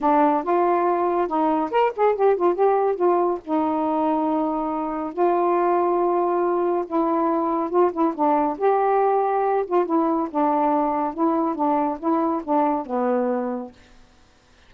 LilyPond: \new Staff \with { instrumentName = "saxophone" } { \time 4/4 \tempo 4 = 140 d'4 f'2 dis'4 | ais'8 gis'8 g'8 f'8 g'4 f'4 | dis'1 | f'1 |
e'2 f'8 e'8 d'4 | g'2~ g'8 f'8 e'4 | d'2 e'4 d'4 | e'4 d'4 b2 | }